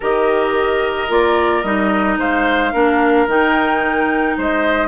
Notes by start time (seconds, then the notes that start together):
0.00 D#3 G4 A#4 D#5
1.09 A#3 F4 D5
1.62 G3 D#4 D#5
2.18 G#3 C5 F5
2.72 A#3 D4 A#4
3.26 D#3 D#4 G5
4.37 G#3 C5 D#5